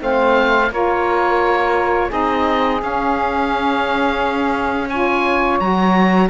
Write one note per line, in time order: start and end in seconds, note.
0.00 0.71 A3
0.00 0.70 C4
0.00 0.71 C5
0.00 0.73 F5
0.71 2.10 A#3
0.71 2.10 F4
0.71 2.08 A#4
0.71 2.12 C#5
2.08 2.82 C4
2.08 2.79 D#4
2.08 4.87 G#4
2.08 2.82 D#5
2.79 4.89 C#4
2.79 5.60 C#4
2.79 4.89 F5
4.89 5.60 F4
4.89 6.28 C#5
4.89 5.59 G#5
5.60 6.30 F#3
5.60 6.30 F#4
5.60 6.30 A#5